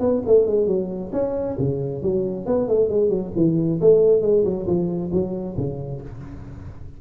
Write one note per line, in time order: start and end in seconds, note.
0.00 0.22 B3
0.26 0.46 A3
0.46 0.67 G#3
0.67 1.11 F#3
1.12 1.57 C#4
1.59 2.03 C#3
2.03 2.46 F#3
2.46 2.68 B3
2.68 2.89 A3
2.89 3.09 G#3
3.09 3.31 F#3
3.36 3.80 E3
3.81 4.22 A3
4.22 4.44 G#3
4.44 4.66 F#3
4.67 5.11 F3
5.12 5.56 F#3
5.57 6.01 C#3